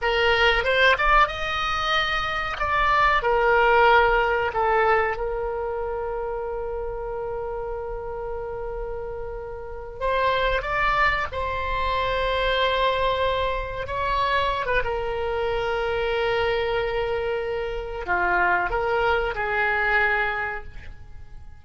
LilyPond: \new Staff \with { instrumentName = "oboe" } { \time 4/4 \tempo 4 = 93 ais'4 c''8 d''8 dis''2 | d''4 ais'2 a'4 | ais'1~ | ais'2.~ ais'8 c''8~ |
c''8 d''4 c''2~ c''8~ | c''4. cis''4~ cis''16 b'16 ais'4~ | ais'1 | f'4 ais'4 gis'2 | }